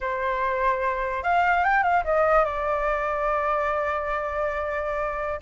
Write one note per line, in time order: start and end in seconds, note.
0.00 1.23 C5
1.23 1.63 F5
1.64 1.83 G5
1.83 2.03 F5
2.04 2.44 D#5
2.44 5.40 D5